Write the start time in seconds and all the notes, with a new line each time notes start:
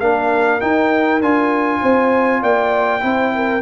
0.00 A#3 D4 A#4 F5
0.60 D#4 G5
1.21 D4 F4 G#5
1.81 C4 C5
2.41 A#3 D5 G5
3.01 C4 E4 C5
3.36 A#4